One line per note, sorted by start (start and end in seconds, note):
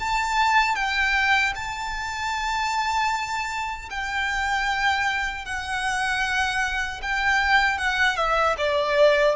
0.00 0.76 A5
0.76 1.54 G5
1.55 3.89 A5
3.90 5.45 G5
5.45 7.01 F#5
7.02 7.79 G5
7.79 8.17 F#5
8.17 8.56 E5
8.58 9.36 D5